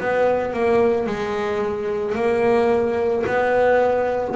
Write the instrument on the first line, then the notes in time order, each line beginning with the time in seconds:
double bass
0.00 B3
0.54 A#3
1.07 G#3
2.15 A#3
3.27 B3